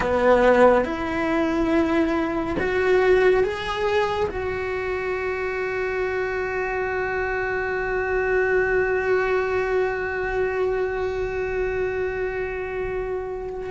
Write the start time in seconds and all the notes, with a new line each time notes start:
0.00 B3
0.85 E4
2.59 F#4
3.43 G#4
4.30 F#4